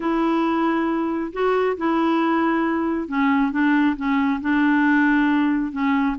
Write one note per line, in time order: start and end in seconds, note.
0.00 1.32 E4
1.32 1.76 F#4
1.77 3.08 E4
3.08 3.51 C#4
3.51 3.95 D4
3.96 4.40 C#4
4.41 5.71 D4
5.71 6.15 C#4